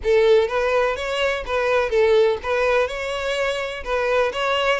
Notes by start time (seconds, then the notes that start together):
0.03 A4
0.48 B4
0.96 C#5
1.46 B4
1.89 A4
2.42 B4
2.87 C#5
3.84 B4
4.32 C#5